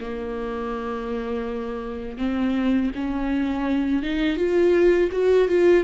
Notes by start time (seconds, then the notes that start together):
0.00 A#3
2.18 C4
2.95 C#4
4.02 D#4
4.36 F4
5.11 F#4
5.48 F4